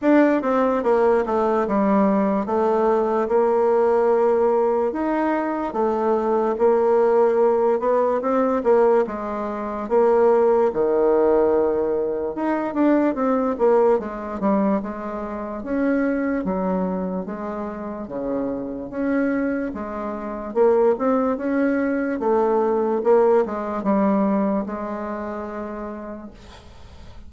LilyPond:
\new Staff \with { instrumentName = "bassoon" } { \time 4/4 \tempo 4 = 73 d'8 c'8 ais8 a8 g4 a4 | ais2 dis'4 a4 | ais4. b8 c'8 ais8 gis4 | ais4 dis2 dis'8 d'8 |
c'8 ais8 gis8 g8 gis4 cis'4 | fis4 gis4 cis4 cis'4 | gis4 ais8 c'8 cis'4 a4 | ais8 gis8 g4 gis2 | }